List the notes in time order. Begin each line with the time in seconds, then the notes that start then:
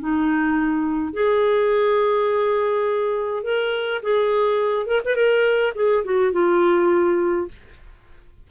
0.00 D#4
1.14 G#4
3.44 A#4
4.03 G#4
4.87 A#4
5.05 B4
5.16 A#4
5.76 G#4
6.05 F#4
6.33 F4